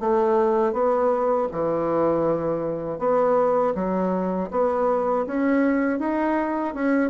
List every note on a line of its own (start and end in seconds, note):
0.00 0.73 A3
0.73 1.48 B3
1.52 2.99 E3
2.99 3.74 B3
3.75 4.50 F#3
4.51 5.26 B3
5.26 5.99 C#4
5.99 6.74 D#4
6.74 7.10 C#4